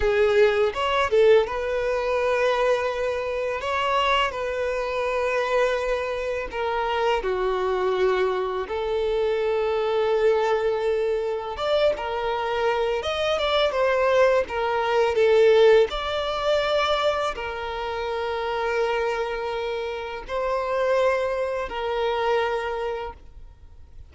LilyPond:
\new Staff \with { instrumentName = "violin" } { \time 4/4 \tempo 4 = 83 gis'4 cis''8 a'8 b'2~ | b'4 cis''4 b'2~ | b'4 ais'4 fis'2 | a'1 |
d''8 ais'4. dis''8 d''8 c''4 | ais'4 a'4 d''2 | ais'1 | c''2 ais'2 | }